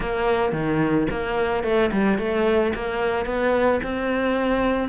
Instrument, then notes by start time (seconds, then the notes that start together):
cello
0.00 A#3
0.52 D#3
1.10 A#3
1.63 A3
1.92 G3
2.18 A3
2.74 A#3
3.25 B3
3.83 C4